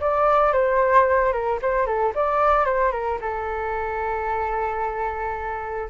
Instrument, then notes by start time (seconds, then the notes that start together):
flute
0.00 D5
0.53 C5
1.32 A#4
1.62 C5
1.86 A4
2.15 D5
2.65 C5
2.91 A#4
3.21 A4